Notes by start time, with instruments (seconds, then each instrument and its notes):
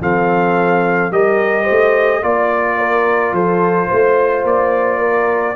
0.00 tuba F3, trombone C4, horn A4, trumpet F5
1.11 tuba G3, trombone G4, horn A#4, trumpet D#5
1.63 horn C5
1.70 tuba A3
2.22 tuba A#3, trombone F4, trumpet D5, horn D5
2.78 horn A#4
3.32 tuba F3, horn A4, trumpet C5
3.88 tuba A3, horn C5
4.43 tuba A#3, trumpet D5
4.98 horn A#4